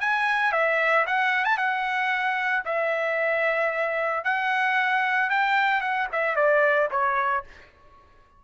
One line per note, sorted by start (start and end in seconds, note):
0.00 0.52 G#5
0.52 1.05 E5
1.06 1.44 F#5
1.44 1.57 A5
1.57 2.63 F#5
2.65 4.24 E5
4.24 5.29 F#5
5.29 5.80 G5
5.80 6.07 F#5
6.12 6.36 E5
6.36 6.89 D5
6.91 7.44 C#5